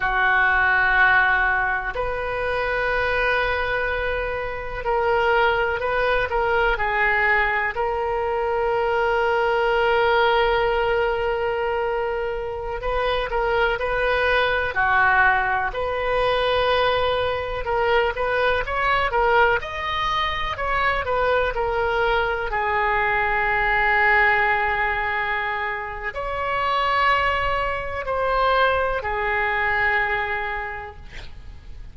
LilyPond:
\new Staff \with { instrumentName = "oboe" } { \time 4/4 \tempo 4 = 62 fis'2 b'2~ | b'4 ais'4 b'8 ais'8 gis'4 | ais'1~ | ais'4~ ais'16 b'8 ais'8 b'4 fis'8.~ |
fis'16 b'2 ais'8 b'8 cis''8 ais'16~ | ais'16 dis''4 cis''8 b'8 ais'4 gis'8.~ | gis'2. cis''4~ | cis''4 c''4 gis'2 | }